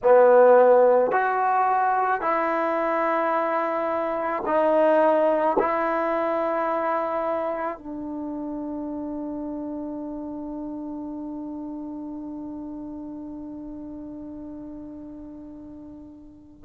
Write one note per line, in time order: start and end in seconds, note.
0.03 1.11 B3
1.11 2.21 F#4
2.21 4.43 E4
4.45 5.57 D#4
5.59 7.78 E4
7.78 16.64 D4